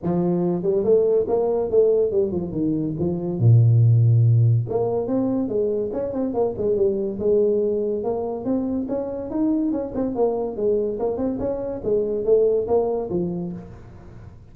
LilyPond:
\new Staff \with { instrumentName = "tuba" } { \time 4/4 \tempo 4 = 142 f4. g8 a4 ais4 | a4 g8 f8 dis4 f4 | ais,2. ais4 | c'4 gis4 cis'8 c'8 ais8 gis8 |
g4 gis2 ais4 | c'4 cis'4 dis'4 cis'8 c'8 | ais4 gis4 ais8 c'8 cis'4 | gis4 a4 ais4 f4 | }